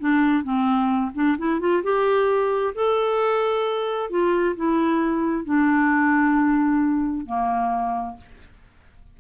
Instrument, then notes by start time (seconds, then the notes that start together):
clarinet
0.00 D4
0.44 C4
1.15 D4
1.38 E4
1.60 F4
1.83 G4
2.75 A4
4.10 F4
4.56 E4
5.45 D4
7.26 A#3